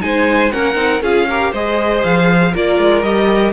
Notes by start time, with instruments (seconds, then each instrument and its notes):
0.00 cello G#3, viola D#4, violin C5 G#5
0.52 cello A#3, viola C#4, violin A#4 F#5
0.75 cello C4, viola D#4
1.02 cello C#4, viola F4, violin G#4 F5
1.29 viola G4, violin A#4
1.52 cello G#3, viola G#4, violin C5 D#5
2.04 cello F3, violin F5
2.53 cello A#3, viola F4, violin A#4 D5
2.79 cello G#3
3.03 cello G3, viola G4, violin D#5